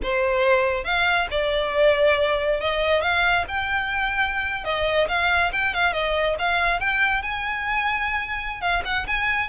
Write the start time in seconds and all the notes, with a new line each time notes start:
0.02 C5
0.84 F5
1.31 D5
2.60 D#5
3.01 F5
3.47 G5
4.64 D#5
5.08 F5
5.52 G5
5.74 F5
5.92 D#5
6.39 F5
6.80 G5
7.22 G#5
8.61 F5
8.84 F#5
9.07 G#5